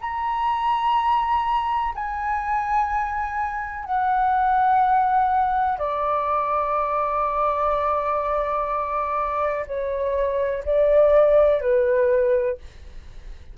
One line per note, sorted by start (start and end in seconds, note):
0.00 1.94 A#5
1.94 3.84 G#5
3.84 5.78 F#5
5.78 9.65 D5
9.66 10.63 C#5
10.65 11.60 D5
11.60 12.57 B4